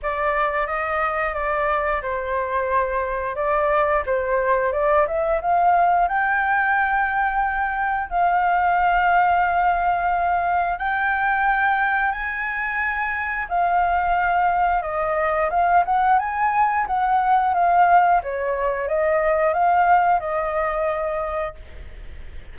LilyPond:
\new Staff \with { instrumentName = "flute" } { \time 4/4 \tempo 4 = 89 d''4 dis''4 d''4 c''4~ | c''4 d''4 c''4 d''8 e''8 | f''4 g''2. | f''1 |
g''2 gis''2 | f''2 dis''4 f''8 fis''8 | gis''4 fis''4 f''4 cis''4 | dis''4 f''4 dis''2 | }